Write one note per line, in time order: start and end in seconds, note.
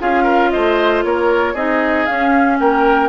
0.00 0.54 C#4
0.00 1.55 F4
0.00 0.23 G#4
0.00 0.51 F5
0.23 0.49 A#4
0.51 1.04 A3
0.51 1.05 C5
0.51 1.03 D#5
1.04 1.55 A#3
1.04 1.54 A#4
1.04 1.55 C#5
1.54 2.06 C4
1.54 2.08 D#4
1.54 2.57 G#4
1.54 2.06 D#5
2.06 3.09 C#4
2.06 2.60 C#4
2.06 2.58 F5
2.60 3.09 A#3
2.60 3.09 A#4
2.60 3.09 G5